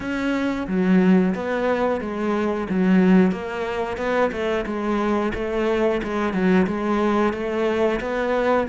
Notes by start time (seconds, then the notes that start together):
0.00 C#4
0.67 F#3
1.34 B3
2.01 G#3
2.69 F#3
3.31 A#3
3.97 B3
4.32 A3
4.65 G#3
5.34 A3
6.03 G#3
6.33 F#3
6.66 G#3
7.33 A3
8.00 B3